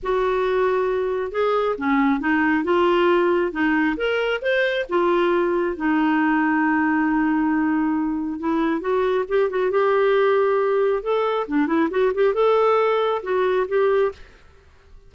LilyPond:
\new Staff \with { instrumentName = "clarinet" } { \time 4/4 \tempo 4 = 136 fis'2. gis'4 | cis'4 dis'4 f'2 | dis'4 ais'4 c''4 f'4~ | f'4 dis'2.~ |
dis'2. e'4 | fis'4 g'8 fis'8 g'2~ | g'4 a'4 d'8 e'8 fis'8 g'8 | a'2 fis'4 g'4 | }